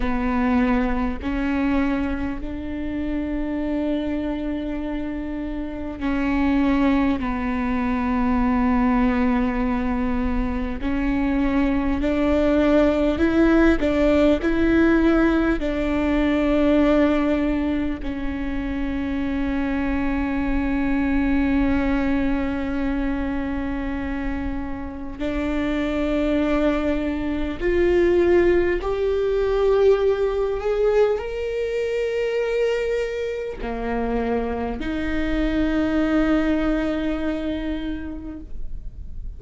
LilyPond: \new Staff \with { instrumentName = "viola" } { \time 4/4 \tempo 4 = 50 b4 cis'4 d'2~ | d'4 cis'4 b2~ | b4 cis'4 d'4 e'8 d'8 | e'4 d'2 cis'4~ |
cis'1~ | cis'4 d'2 f'4 | g'4. gis'8 ais'2 | ais4 dis'2. | }